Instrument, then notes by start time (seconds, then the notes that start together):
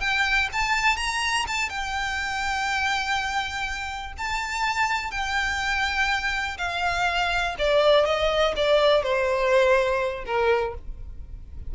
violin
0.00 G5
0.52 A5
0.97 A#5
1.47 A5
1.69 G5
4.18 A5
5.11 G5
6.58 F5
7.58 D5
8.06 D#5
8.56 D5
9.03 C5
10.26 A#4